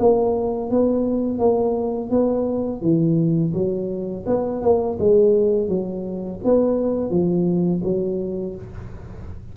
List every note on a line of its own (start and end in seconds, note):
0.00 0.71 A#3
0.71 1.39 B3
1.39 2.11 A#3
2.11 2.82 B3
2.82 3.53 E3
3.54 4.25 F#3
4.27 4.62 B3
4.62 4.98 A#3
5.00 5.69 G#3
5.69 6.40 F#3
6.45 7.10 B3
7.10 7.82 F3
7.84 8.55 F#3